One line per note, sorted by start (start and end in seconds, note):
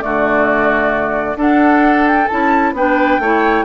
0.00 1.36 D3
0.00 1.36 A3
0.00 1.38 F#4
0.00 1.38 D5
1.36 2.27 D4
1.36 2.29 D4
1.36 2.74 A4
1.36 2.08 F#5
2.08 2.28 G5
2.28 2.73 C#4
2.28 2.76 E4
2.28 2.73 A5
2.73 3.18 B3
2.73 3.22 D4
2.73 3.22 B4
2.73 3.66 G5
3.19 3.65 A3
3.19 3.66 E4
3.19 3.66 C#5